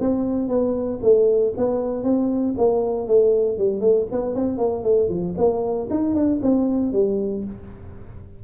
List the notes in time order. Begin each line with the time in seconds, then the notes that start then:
0.00 C4
0.48 B3
1.02 A3
1.57 B3
2.03 C4
2.57 A#3
3.07 A3
3.58 G3
3.81 A3
4.11 B3
4.35 C4
4.58 A#3
4.83 A3
5.09 F3
5.38 A#3
5.90 D#4
6.15 D4
6.42 C4
6.93 G3